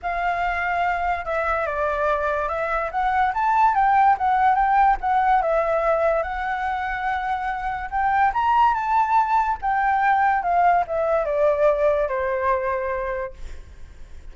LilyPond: \new Staff \with { instrumentName = "flute" } { \time 4/4 \tempo 4 = 144 f''2. e''4 | d''2 e''4 fis''4 | a''4 g''4 fis''4 g''4 | fis''4 e''2 fis''4~ |
fis''2. g''4 | ais''4 a''2 g''4~ | g''4 f''4 e''4 d''4~ | d''4 c''2. | }